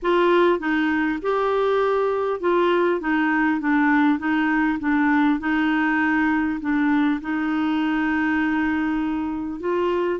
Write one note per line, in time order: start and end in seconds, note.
0.02 0.59 F4
0.59 1.19 D#4
1.22 2.40 G4
2.40 3.00 F4
3.00 3.60 D#4
3.60 4.18 D4
4.18 4.78 D#4
4.79 5.39 D4
5.39 6.59 D#4
6.60 7.20 D4
7.21 9.60 D#4
9.60 10.19 F4